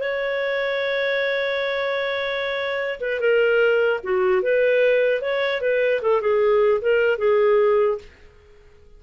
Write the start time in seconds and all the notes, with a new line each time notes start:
0.00 C#5
3.01 B4
3.20 A#4
4.03 F#4
4.43 B4
5.22 C#5
5.61 B4
6.02 A4
6.21 G#4
6.82 A#4
7.18 G#4